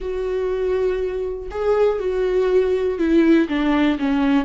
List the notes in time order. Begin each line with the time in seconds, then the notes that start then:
0.00 F#4
1.50 G#4
1.99 F#4
2.98 E4
3.48 D4
3.98 C#4